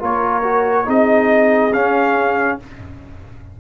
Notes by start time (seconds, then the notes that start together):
0.00 A#3 F4 A#4 C#5
0.44 F#4
0.86 C4 D#4 G#4 D#5
1.74 C#4 F5